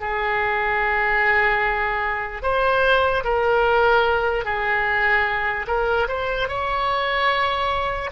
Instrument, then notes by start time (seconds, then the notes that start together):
oboe
0.00 G#4
2.42 C5
3.24 A#4
4.44 G#4
5.67 A#4
6.08 C5
6.48 C#5